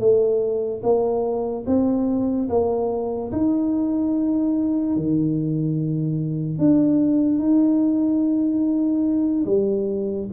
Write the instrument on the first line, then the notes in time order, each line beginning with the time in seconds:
tuba
0.00 A3
0.83 A#3
1.67 C4
2.50 A#3
3.33 D#4
4.97 D#3
6.59 D4
7.39 D#4
9.46 G3